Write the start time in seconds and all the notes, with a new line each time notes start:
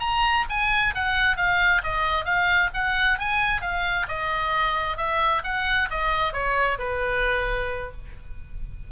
0.00 A#5
0.49 G#5
0.95 F#5
1.37 F5
1.84 D#5
2.25 F5
2.74 F#5
3.19 G#5
3.62 F5
4.08 D#5
4.97 E5
5.44 F#5
5.90 D#5
6.33 C#5
6.79 B4